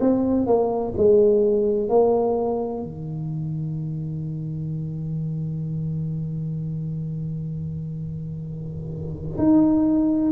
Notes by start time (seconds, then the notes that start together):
0.00 C4
0.46 A#3
0.97 G#3
1.89 A#3
2.83 D#3
9.37 D#4